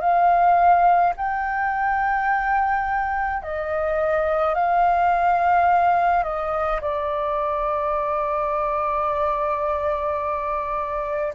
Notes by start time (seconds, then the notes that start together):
0.00 F5
1.16 G5
3.43 D#5
4.55 F5
6.23 D#5
6.81 D5